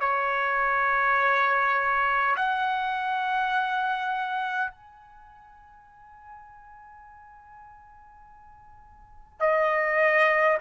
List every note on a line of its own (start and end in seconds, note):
0.00 2.35 C#5
2.36 4.71 F#5
4.71 9.40 G#5
9.40 10.57 D#5